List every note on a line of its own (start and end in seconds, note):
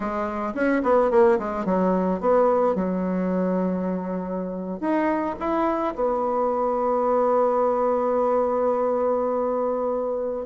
0.00 0.53 G#3
0.54 0.81 C#4
0.83 1.10 B3
1.11 1.38 A#3
1.39 1.65 G#3
1.65 2.20 F#3
2.20 2.75 B3
2.75 4.80 F#3
4.80 5.35 D#4
5.39 5.94 E4
5.95 10.46 B3